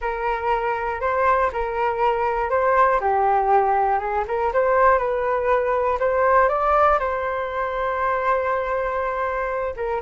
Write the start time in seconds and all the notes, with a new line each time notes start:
0.01 A#4
1.00 C5
1.52 A#4
2.50 C5
3.00 G4
3.99 G#4
4.27 A#4
4.53 C5
4.98 B4
5.99 C5
6.48 D5
6.99 C5
9.76 A#4